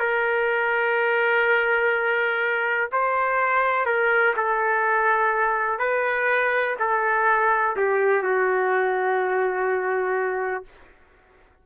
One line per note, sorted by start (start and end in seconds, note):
0.00 2.90 A#4
2.92 3.86 C5
3.86 4.34 A#4
4.36 5.79 A4
5.79 6.76 B4
6.80 7.76 A4
7.77 8.23 G4
8.23 10.65 F#4